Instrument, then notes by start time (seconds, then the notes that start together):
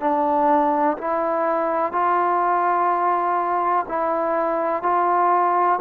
trombone
0.00 D4
0.98 E4
1.92 F4
3.88 E4
4.82 F4